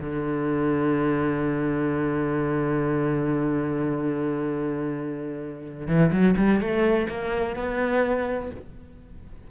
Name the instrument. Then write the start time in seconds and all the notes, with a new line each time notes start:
cello
0.00 D3
5.88 E3
6.12 F#3
6.37 G3
6.61 A3
7.09 A#3
7.56 B3